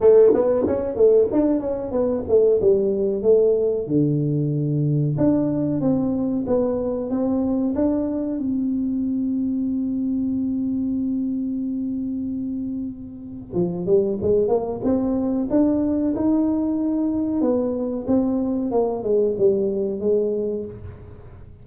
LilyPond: \new Staff \with { instrumentName = "tuba" } { \time 4/4 \tempo 4 = 93 a8 b8 cis'8 a8 d'8 cis'8 b8 a8 | g4 a4 d2 | d'4 c'4 b4 c'4 | d'4 c'2.~ |
c'1~ | c'4 f8 g8 gis8 ais8 c'4 | d'4 dis'2 b4 | c'4 ais8 gis8 g4 gis4 | }